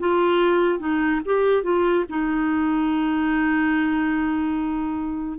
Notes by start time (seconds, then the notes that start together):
0.00 F4
0.80 D#4
1.26 G4
1.64 F4
2.09 D#4